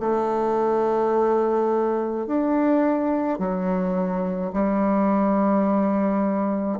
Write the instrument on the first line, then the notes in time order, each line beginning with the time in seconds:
bassoon
0.00 A3
2.26 D4
3.39 F#3
4.53 G3